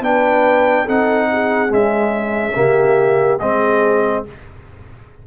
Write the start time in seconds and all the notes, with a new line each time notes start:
0.00 B3 D4 B4 G5
0.85 C4 D#4 A4 F#5
1.31 G#4
1.68 G#3 C#4 E5
2.54 C#3 A#3 G4
3.39 G#3 C4 G#4 D#5